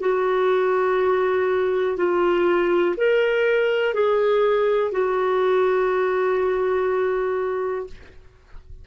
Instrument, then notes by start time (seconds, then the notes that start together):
clarinet
0.00 F#4
1.97 F4
2.97 A#4
3.94 G#4
4.91 F#4